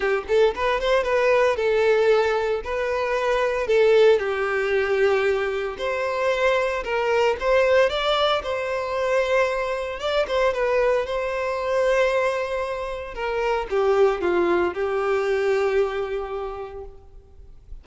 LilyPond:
\new Staff \with { instrumentName = "violin" } { \time 4/4 \tempo 4 = 114 g'8 a'8 b'8 c''8 b'4 a'4~ | a'4 b'2 a'4 | g'2. c''4~ | c''4 ais'4 c''4 d''4 |
c''2. d''8 c''8 | b'4 c''2.~ | c''4 ais'4 g'4 f'4 | g'1 | }